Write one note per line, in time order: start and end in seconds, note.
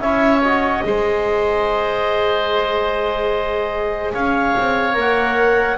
0.00 0.82 C#4
0.00 0.43 E4
0.00 0.84 C#5
0.00 0.41 E5
0.43 0.84 F#4
0.43 4.13 D#5
0.84 4.14 G#3
0.84 4.94 G#4
0.84 4.14 C5
4.14 4.56 C#4
4.14 5.78 C#5
4.14 4.96 F5
4.57 4.97 C4
4.94 5.78 A#3
4.94 5.76 A#4
5.00 5.78 F#5